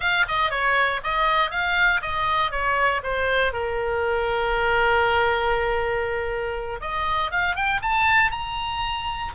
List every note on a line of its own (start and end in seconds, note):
0.00 0.25 F5
0.28 0.50 D#5
0.50 1.00 C#5
1.03 1.50 D#5
1.50 2.01 F5
2.01 2.51 D#5
2.51 3.01 C#5
3.03 3.52 C5
3.52 6.80 A#4
6.80 7.31 D#5
7.31 7.55 F5
7.55 7.80 G5
7.82 8.31 A5
8.31 9.32 A#5